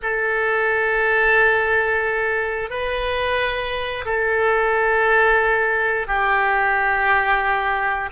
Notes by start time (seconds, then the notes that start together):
0.02 A4
2.70 B4
4.04 A4
6.07 G4